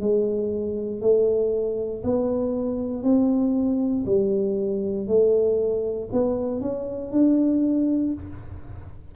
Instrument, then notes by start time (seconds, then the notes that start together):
tuba
0.00 G#3
1.01 A3
2.03 B3
3.03 C4
4.06 G3
5.07 A3
6.12 B3
6.61 C#4
7.11 D4